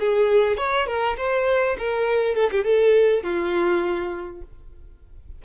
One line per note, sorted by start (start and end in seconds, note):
0.00 0.58 G#4
0.58 0.87 C#5
0.87 1.17 A#4
1.18 1.77 C5
1.79 2.36 A#4
2.36 2.51 A4
2.52 2.64 G4
2.64 3.23 A4
3.23 4.42 F4